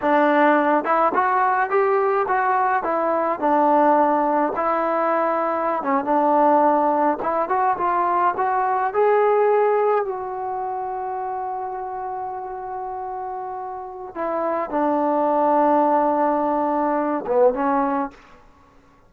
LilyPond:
\new Staff \with { instrumentName = "trombone" } { \time 4/4 \tempo 4 = 106 d'4. e'8 fis'4 g'4 | fis'4 e'4 d'2 | e'2~ e'16 cis'8 d'4~ d'16~ | d'8. e'8 fis'8 f'4 fis'4 gis'16~ |
gis'4.~ gis'16 fis'2~ fis'16~ | fis'1~ | fis'4 e'4 d'2~ | d'2~ d'8 b8 cis'4 | }